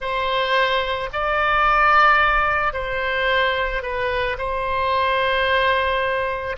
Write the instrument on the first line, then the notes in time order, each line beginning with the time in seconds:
oboe
0.00 C5
1.12 D5
2.73 C5
3.82 B4
4.38 C5